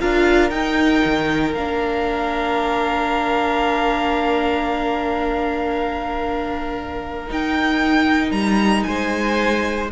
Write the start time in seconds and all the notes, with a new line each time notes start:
0.00 D4 F4 A#4 F5
0.50 D#4 G5
1.05 D#3
1.54 A#3 D4 F5
7.28 D#4 G5
8.32 G3 A#5
8.83 G#3 C5 G#5